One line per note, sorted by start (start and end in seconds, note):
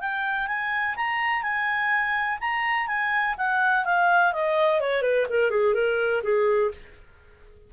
0.00 0.47 G5
0.47 0.95 G#5
0.96 1.42 A#5
1.42 2.38 G#5
2.40 2.87 A#5
2.87 3.35 G#5
3.38 3.85 F#5
3.85 4.33 F5
4.33 4.80 D#5
4.80 5.02 C#5
5.02 5.26 B4
5.30 5.50 A#4
5.50 5.74 G#4
5.74 6.22 A#4
6.23 6.71 G#4